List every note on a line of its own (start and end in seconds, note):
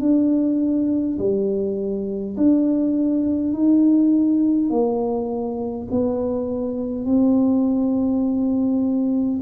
0.00 1.18 D4
1.19 2.36 G3
2.37 3.53 D4
3.53 4.70 D#4
4.70 5.88 A#3
5.91 7.05 B3
7.05 9.41 C4